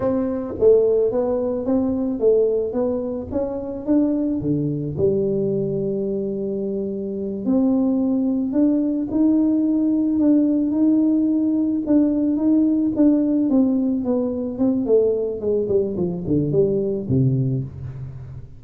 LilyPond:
\new Staff \with { instrumentName = "tuba" } { \time 4/4 \tempo 4 = 109 c'4 a4 b4 c'4 | a4 b4 cis'4 d'4 | d4 g2.~ | g4. c'2 d'8~ |
d'8 dis'2 d'4 dis'8~ | dis'4. d'4 dis'4 d'8~ | d'8 c'4 b4 c'8 a4 | gis8 g8 f8 d8 g4 c4 | }